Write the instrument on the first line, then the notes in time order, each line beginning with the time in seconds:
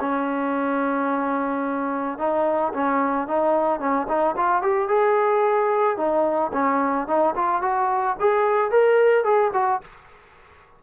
trombone
0.00 C#4
2.18 D#4
2.73 C#4
3.27 D#4
3.80 C#4
4.08 D#4
4.37 F4
4.62 G4
4.88 G#4
5.97 D#4
6.53 C#4
7.07 D#4
7.35 F4
7.62 F#4
8.19 G#4
8.71 A#4
9.24 G#4
9.53 F#4